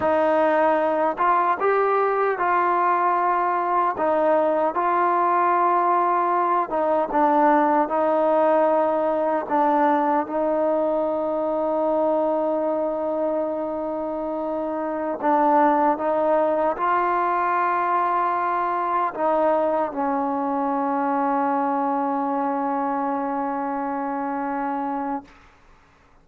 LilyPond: \new Staff \with { instrumentName = "trombone" } { \time 4/4 \tempo 4 = 76 dis'4. f'8 g'4 f'4~ | f'4 dis'4 f'2~ | f'8 dis'8 d'4 dis'2 | d'4 dis'2.~ |
dis'2.~ dis'16 d'8.~ | d'16 dis'4 f'2~ f'8.~ | f'16 dis'4 cis'2~ cis'8.~ | cis'1 | }